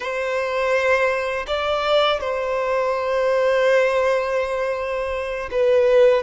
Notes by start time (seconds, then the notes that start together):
0.00 C5
1.47 D5
2.20 C5
5.51 B4